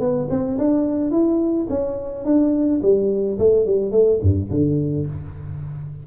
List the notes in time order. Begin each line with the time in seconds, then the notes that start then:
0.00 B3
0.30 C4
0.58 D4
1.11 E4
1.69 C#4
2.25 D4
2.82 G3
3.39 A3
3.66 G3
3.92 A3
4.22 G2
4.50 D3